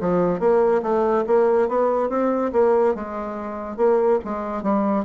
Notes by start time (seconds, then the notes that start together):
0.00 F3
0.39 A#3
0.82 A3
1.26 A#3
1.68 B3
2.09 C4
2.52 A#3
2.95 G#3
3.76 A#3
4.24 G#3
4.62 G3